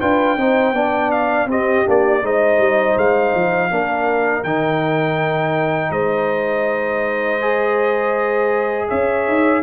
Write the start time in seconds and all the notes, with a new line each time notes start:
0.00 D4 F4 B4 G5
0.37 C4 D#4 C5
0.72 B3 D4 D5
1.11 F5
1.45 C4 G4 D#5
1.85 A#3 D4 D5
2.22 G#3 D#4 C5 D#5
2.58 G3
2.96 G#3 F5
3.35 F3
3.70 A#3 D4 A#4
4.43 D#3 D#4 G5
5.90 G#3 C5 D#5
7.41 G#4
8.88 C#4 C#5 E5
9.27 D#4